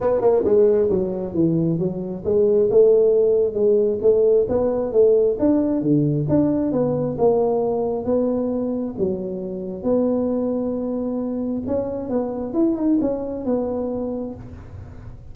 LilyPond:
\new Staff \with { instrumentName = "tuba" } { \time 4/4 \tempo 4 = 134 b8 ais8 gis4 fis4 e4 | fis4 gis4 a2 | gis4 a4 b4 a4 | d'4 d4 d'4 b4 |
ais2 b2 | fis2 b2~ | b2 cis'4 b4 | e'8 dis'8 cis'4 b2 | }